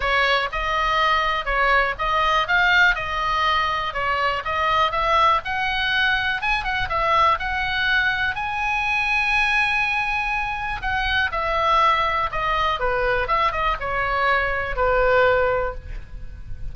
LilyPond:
\new Staff \with { instrumentName = "oboe" } { \time 4/4 \tempo 4 = 122 cis''4 dis''2 cis''4 | dis''4 f''4 dis''2 | cis''4 dis''4 e''4 fis''4~ | fis''4 gis''8 fis''8 e''4 fis''4~ |
fis''4 gis''2.~ | gis''2 fis''4 e''4~ | e''4 dis''4 b'4 e''8 dis''8 | cis''2 b'2 | }